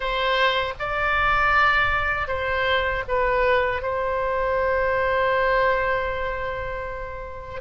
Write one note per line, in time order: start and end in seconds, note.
0.00 0.73 C5
0.79 2.27 D5
2.27 3.03 C5
3.08 3.81 B4
3.81 7.61 C5